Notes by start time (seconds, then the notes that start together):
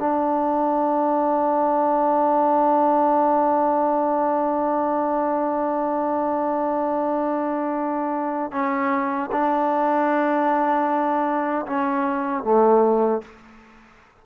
0.00 D4
8.52 C#4
9.32 D4
11.67 C#4
12.44 A3